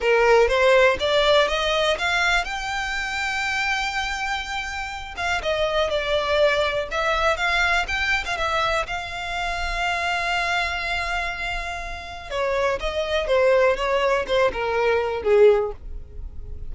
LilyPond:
\new Staff \with { instrumentName = "violin" } { \time 4/4 \tempo 4 = 122 ais'4 c''4 d''4 dis''4 | f''4 g''2.~ | g''2~ g''8 f''8 dis''4 | d''2 e''4 f''4 |
g''8. f''16 e''4 f''2~ | f''1~ | f''4 cis''4 dis''4 c''4 | cis''4 c''8 ais'4. gis'4 | }